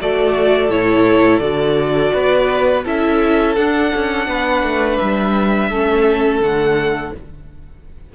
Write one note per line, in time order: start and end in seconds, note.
0.00 0.69 A3
0.00 0.71 F#4
0.00 2.14 A4
0.00 0.71 D5
0.69 1.40 A2
0.69 1.42 E4
0.69 1.40 C#5
1.40 2.12 D3
1.40 2.85 F#4
1.40 2.83 D5
2.14 2.86 B3
2.14 2.85 B4
2.85 3.57 C#4
2.85 3.56 E4
2.85 4.28 A4
2.85 3.56 E5
3.56 3.93 D4
3.56 5.73 D4
3.56 4.97 F#5
3.95 4.28 C#4
4.28 4.63 B3
4.28 5.70 B4
4.63 4.99 A3
4.97 5.70 G3
4.97 6.40 E5
5.70 6.40 A3
5.70 6.43 C#4
5.70 7.13 A4
6.40 7.12 D3
6.40 7.14 A3
6.40 7.15 F#5